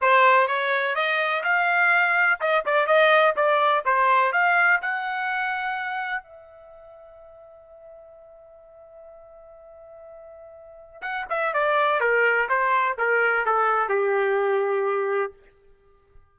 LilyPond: \new Staff \with { instrumentName = "trumpet" } { \time 4/4 \tempo 4 = 125 c''4 cis''4 dis''4 f''4~ | f''4 dis''8 d''8 dis''4 d''4 | c''4 f''4 fis''2~ | fis''4 e''2.~ |
e''1~ | e''2. fis''8 e''8 | d''4 ais'4 c''4 ais'4 | a'4 g'2. | }